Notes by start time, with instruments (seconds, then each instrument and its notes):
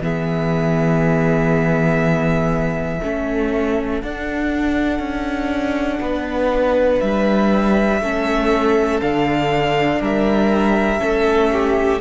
0.00 cello E3, viola B3, violin G#4 E5
3.02 cello A3, viola C#4, violin A4
4.02 cello D4, viola D4, violin F#5
4.99 cello C#4
6.00 cello B3, violin B4
7.00 cello G3, violin E5
8.01 cello A3, viola C#4, violin A4
9.01 cello D3, viola D4, violin F5
10.01 cello G3, violin A#4 E5
10.99 cello A3, viola C#4, violin A4
11.52 violin G4